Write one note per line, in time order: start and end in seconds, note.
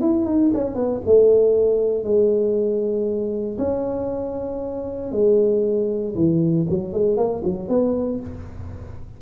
0.00 0.25 E4
0.25 0.51 D#4
0.53 0.74 C#4
0.74 1.00 B3
1.05 2.03 A3
2.03 3.57 G#3
3.58 5.11 C#4
5.11 6.14 G#3
6.15 6.66 E3
6.69 6.93 F#3
6.93 7.17 G#3
7.17 7.42 A#3
7.44 7.68 F#3
7.68 8.20 B3